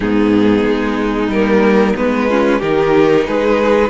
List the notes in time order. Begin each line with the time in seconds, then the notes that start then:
0.00 G#2 B3 D#4 G#4
0.64 G#3
1.27 G3 A#4
1.34 A#3
1.96 G#3 B3 B4
2.29 C#4 F4
2.59 D#3 D#4 G4 A#4
3.26 G#3 G#4 B4